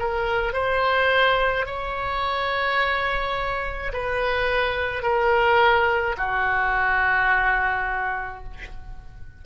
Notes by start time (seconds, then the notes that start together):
0.00 A#4
0.54 C5
1.66 C#5
3.94 B4
5.03 A#4
6.18 F#4